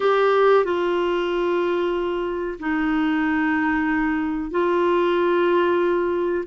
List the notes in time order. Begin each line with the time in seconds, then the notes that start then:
0.00 G4
0.65 F4
2.59 D#4
4.50 F4